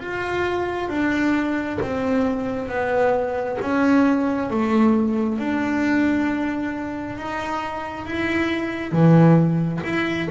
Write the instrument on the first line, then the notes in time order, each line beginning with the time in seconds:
double bass
0.00 F4
0.89 D4
1.82 C4
2.69 B3
3.61 C#4
4.51 A3
5.39 D4
7.17 D#4
8.06 E4
8.92 E3
9.84 E4